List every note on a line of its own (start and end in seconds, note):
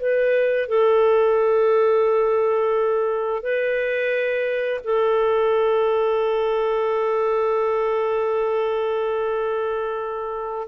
0.00 0.68 B4
0.68 3.43 A4
3.43 4.81 B4
4.84 10.68 A4